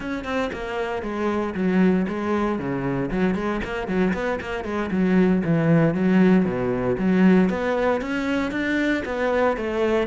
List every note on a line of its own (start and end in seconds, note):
0.00 0.24 C#4
0.24 0.50 C4
0.52 1.02 A#3
1.02 1.54 G#3
1.54 2.06 F#3
2.08 2.58 G#3
2.58 3.10 C#3
3.10 3.35 F#3
3.35 3.60 G#3
3.64 3.87 A#3
3.87 4.13 F#3
4.13 4.39 B3
4.40 4.64 A#3
4.64 4.90 G#3
4.91 5.43 F#3
5.44 5.94 E3
5.94 6.45 F#3
6.45 6.96 B2
6.98 7.49 F#3
7.49 8.01 B3
8.01 8.51 C#4
8.51 9.03 D4
9.05 9.56 B3
9.56 10.07 A3